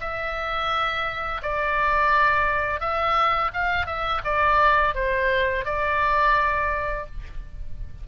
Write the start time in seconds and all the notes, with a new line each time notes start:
0.00 E5
1.42 D5
2.80 E5
3.53 F5
3.86 E5
4.24 D5
4.94 C5
5.65 D5